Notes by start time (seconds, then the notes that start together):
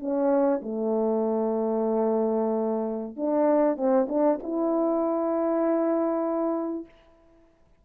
0.00 C#4
0.62 A3
3.17 D4
3.77 C4
4.09 D4
4.43 E4